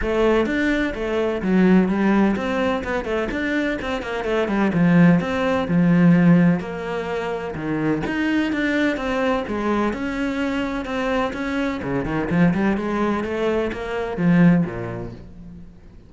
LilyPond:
\new Staff \with { instrumentName = "cello" } { \time 4/4 \tempo 4 = 127 a4 d'4 a4 fis4 | g4 c'4 b8 a8 d'4 | c'8 ais8 a8 g8 f4 c'4 | f2 ais2 |
dis4 dis'4 d'4 c'4 | gis4 cis'2 c'4 | cis'4 cis8 dis8 f8 g8 gis4 | a4 ais4 f4 ais,4 | }